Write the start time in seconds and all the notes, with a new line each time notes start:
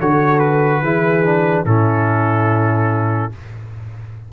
0.00 D3 F#4 A4 C#5
0.39 B4
0.82 E3 E4 G#4
1.24 D4
1.65 A2 C#4 E4 A4